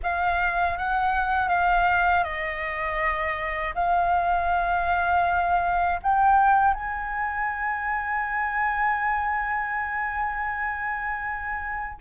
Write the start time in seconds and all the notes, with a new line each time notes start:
0.02 F5
0.77 F#5
1.49 F5
2.24 D#5
3.75 F5
6.02 G5
6.74 G#5